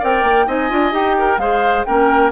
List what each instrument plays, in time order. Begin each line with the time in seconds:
0.00 bassoon C4, clarinet A#4, oboe D5, flute G5
0.23 bassoon A#3
0.47 bassoon C4, clarinet D#4, oboe D#5, flute G#5
0.70 bassoon D4, clarinet F4
0.92 bassoon D#4, clarinet G4, flute G5
1.19 oboe A#4
1.38 bassoon G#3, clarinet G#4, oboe C5, flute F5
1.85 bassoon A#3, clarinet C#4, oboe A#4, flute G5